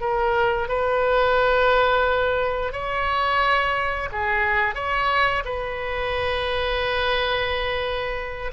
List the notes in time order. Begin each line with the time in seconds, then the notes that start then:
0.00 A#4
0.68 B4
2.72 C#5
4.12 G#4
4.75 C#5
5.45 B4